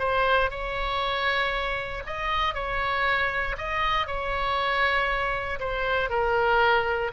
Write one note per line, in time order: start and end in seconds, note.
0.00 0.51 C5
0.51 2.04 C#5
2.07 2.55 D#5
2.55 3.57 C#5
3.58 4.07 D#5
4.07 5.60 C#5
5.60 6.10 C5
6.10 7.12 A#4